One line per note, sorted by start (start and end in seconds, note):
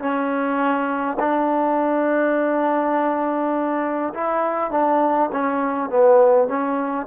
0.00 1.18 C#4
1.20 4.14 D4
4.14 4.72 E4
4.72 5.30 D4
5.33 5.90 C#4
5.90 6.48 B3
6.48 7.07 C#4